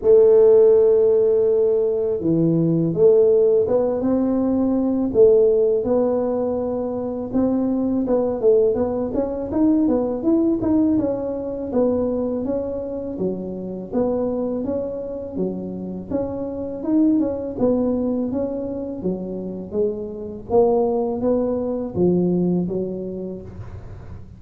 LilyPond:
\new Staff \with { instrumentName = "tuba" } { \time 4/4 \tempo 4 = 82 a2. e4 | a4 b8 c'4. a4 | b2 c'4 b8 a8 | b8 cis'8 dis'8 b8 e'8 dis'8 cis'4 |
b4 cis'4 fis4 b4 | cis'4 fis4 cis'4 dis'8 cis'8 | b4 cis'4 fis4 gis4 | ais4 b4 f4 fis4 | }